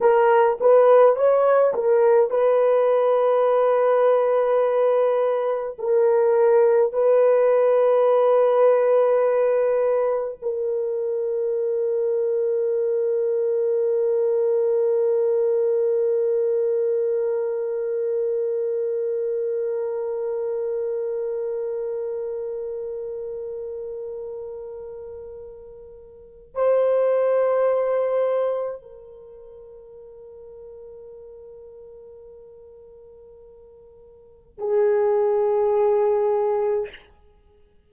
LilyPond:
\new Staff \with { instrumentName = "horn" } { \time 4/4 \tempo 4 = 52 ais'8 b'8 cis''8 ais'8 b'2~ | b'4 ais'4 b'2~ | b'4 ais'2.~ | ais'1~ |
ais'1~ | ais'2. c''4~ | c''4 ais'2.~ | ais'2 gis'2 | }